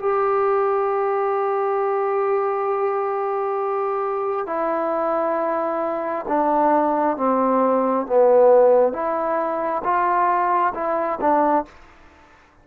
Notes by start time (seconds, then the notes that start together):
0.00 G4
4.47 E4
6.28 D4
7.17 C4
8.07 B3
8.93 E4
9.84 F4
10.75 E4
11.21 D4